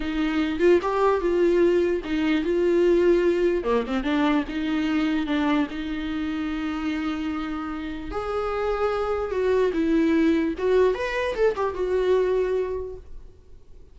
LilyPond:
\new Staff \with { instrumentName = "viola" } { \time 4/4 \tempo 4 = 148 dis'4. f'8 g'4 f'4~ | f'4 dis'4 f'2~ | f'4 ais8 c'8 d'4 dis'4~ | dis'4 d'4 dis'2~ |
dis'1 | gis'2. fis'4 | e'2 fis'4 b'4 | a'8 g'8 fis'2. | }